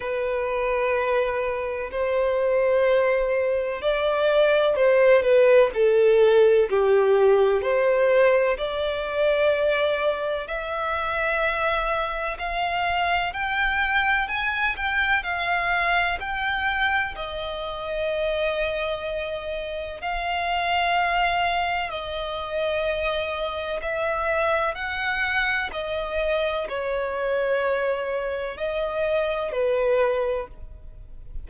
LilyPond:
\new Staff \with { instrumentName = "violin" } { \time 4/4 \tempo 4 = 63 b'2 c''2 | d''4 c''8 b'8 a'4 g'4 | c''4 d''2 e''4~ | e''4 f''4 g''4 gis''8 g''8 |
f''4 g''4 dis''2~ | dis''4 f''2 dis''4~ | dis''4 e''4 fis''4 dis''4 | cis''2 dis''4 b'4 | }